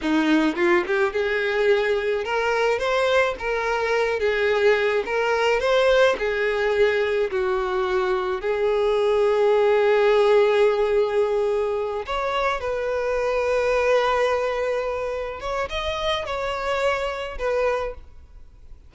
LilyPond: \new Staff \with { instrumentName = "violin" } { \time 4/4 \tempo 4 = 107 dis'4 f'8 g'8 gis'2 | ais'4 c''4 ais'4. gis'8~ | gis'4 ais'4 c''4 gis'4~ | gis'4 fis'2 gis'4~ |
gis'1~ | gis'4. cis''4 b'4.~ | b'2.~ b'8 cis''8 | dis''4 cis''2 b'4 | }